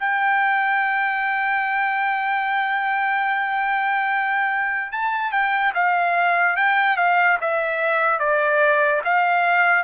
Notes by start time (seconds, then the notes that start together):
0.00 G5
4.92 A5
5.32 G5
5.75 F5
6.57 G5
6.98 F5
7.41 E5
8.20 D5
9.05 F5